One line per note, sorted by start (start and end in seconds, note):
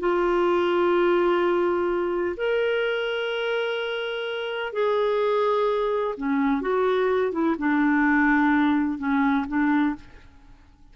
0.00 2.36 F4
2.37 4.73 A#4
4.73 6.15 G#4
6.17 6.61 C#4
6.61 7.32 F#4
7.32 7.56 E4
7.58 8.99 D4
8.99 9.46 C#4
9.48 9.95 D4